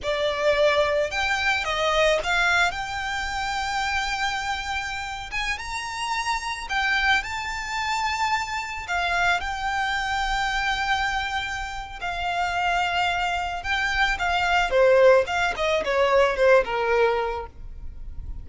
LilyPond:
\new Staff \with { instrumentName = "violin" } { \time 4/4 \tempo 4 = 110 d''2 g''4 dis''4 | f''4 g''2.~ | g''4.~ g''16 gis''8 ais''4.~ ais''16~ | ais''16 g''4 a''2~ a''8.~ |
a''16 f''4 g''2~ g''8.~ | g''2 f''2~ | f''4 g''4 f''4 c''4 | f''8 dis''8 cis''4 c''8 ais'4. | }